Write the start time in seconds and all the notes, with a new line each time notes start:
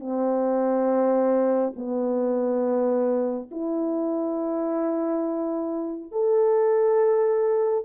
0.00 C4
1.76 B3
3.51 E4
6.12 A4